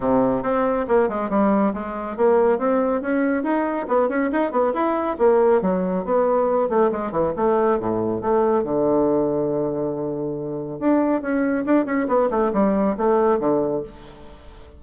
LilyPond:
\new Staff \with { instrumentName = "bassoon" } { \time 4/4 \tempo 4 = 139 c4 c'4 ais8 gis8 g4 | gis4 ais4 c'4 cis'4 | dis'4 b8 cis'8 dis'8 b8 e'4 | ais4 fis4 b4. a8 |
gis8 e8 a4 a,4 a4 | d1~ | d4 d'4 cis'4 d'8 cis'8 | b8 a8 g4 a4 d4 | }